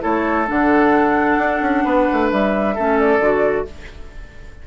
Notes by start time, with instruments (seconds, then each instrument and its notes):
0.00 bassoon A3, clarinet E4, oboe A4, flute C#5
0.47 bassoon D3, clarinet D4, flute F#5
1.37 bassoon D4
1.61 bassoon C#4
1.84 bassoon B3, oboe B4
2.13 bassoon A3
2.30 bassoon G3, flute E5
2.75 bassoon A3, clarinet C#4, oboe A4
2.99 flute D5
3.19 bassoon D3, clarinet F#4